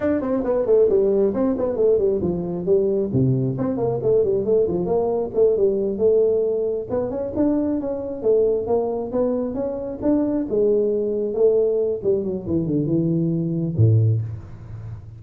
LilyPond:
\new Staff \with { instrumentName = "tuba" } { \time 4/4 \tempo 4 = 135 d'8 c'8 b8 a8 g4 c'8 b8 | a8 g8 f4 g4 c4 | c'8 ais8 a8 g8 a8 f8 ais4 | a8 g4 a2 b8 |
cis'8 d'4 cis'4 a4 ais8~ | ais8 b4 cis'4 d'4 gis8~ | gis4. a4. g8 fis8 | e8 d8 e2 a,4 | }